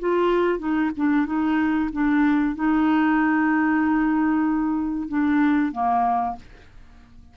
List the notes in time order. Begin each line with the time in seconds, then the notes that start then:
0.00 F4
0.59 D#4
0.97 D4
1.26 D#4
1.93 D4
2.56 D#4
5.09 D4
5.73 A#3